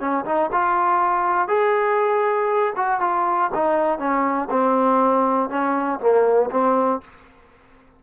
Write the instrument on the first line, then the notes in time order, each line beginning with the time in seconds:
trombone
0.00 C#4
0.25 D#4
0.52 F4
1.48 G#4
2.76 F#4
3.00 F4
3.54 D#4
3.99 C#4
4.50 C4
5.50 C#4
6.00 A#3
6.51 C4